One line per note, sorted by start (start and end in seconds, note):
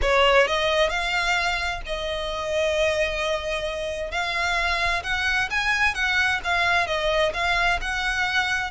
0.01 0.47 C#5
0.47 0.89 D#5
0.89 1.81 F5
1.85 4.11 D#5
4.11 5.03 F5
5.03 5.49 F#5
5.50 5.94 G#5
5.94 6.40 F#5
6.44 6.86 F5
6.86 7.32 D#5
7.33 7.79 F5
7.81 8.70 F#5